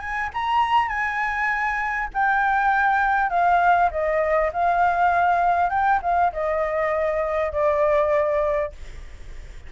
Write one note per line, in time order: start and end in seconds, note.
0.00 0.30 G#5
0.34 0.89 A#5
0.89 2.09 G#5
2.14 3.30 G5
3.30 3.90 F5
3.91 4.51 D#5
4.53 5.70 F5
5.70 6.00 G5
6.02 6.32 F5
6.33 7.52 D#5
7.52 8.72 D5